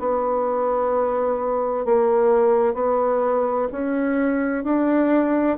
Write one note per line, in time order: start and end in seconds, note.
0.00 1.86 B3
1.86 2.75 A#3
2.75 3.69 B3
3.72 4.64 C#4
4.64 5.58 D4